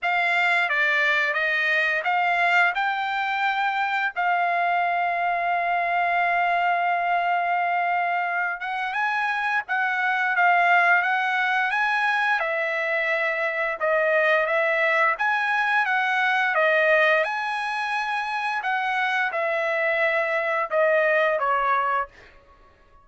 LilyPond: \new Staff \with { instrumentName = "trumpet" } { \time 4/4 \tempo 4 = 87 f''4 d''4 dis''4 f''4 | g''2 f''2~ | f''1~ | f''8 fis''8 gis''4 fis''4 f''4 |
fis''4 gis''4 e''2 | dis''4 e''4 gis''4 fis''4 | dis''4 gis''2 fis''4 | e''2 dis''4 cis''4 | }